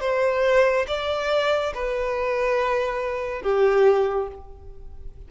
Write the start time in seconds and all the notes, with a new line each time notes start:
0.00 C5
0.87 D5
1.74 B4
3.42 G4